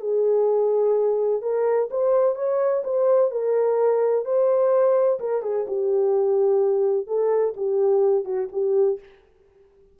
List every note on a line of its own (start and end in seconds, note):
0.00 1.41 G#4
1.41 1.89 A#4
1.90 2.35 C5
2.35 2.82 C#5
2.83 3.30 C5
3.30 4.25 A#4
4.25 5.19 C5
5.19 5.42 A#4
5.42 5.65 G#4
5.67 7.07 G4
7.07 7.54 A4
7.56 8.24 G4
8.24 8.48 F#4
8.52 8.99 G4